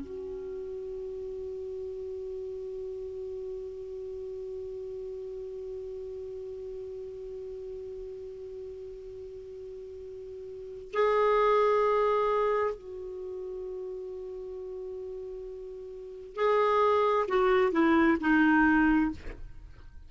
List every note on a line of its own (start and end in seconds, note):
0.00 10.91 F#4
10.93 12.74 G#4
12.74 16.35 F#4
16.35 17.26 G#4
17.27 17.71 F#4
17.71 18.17 E4
18.20 19.11 D#4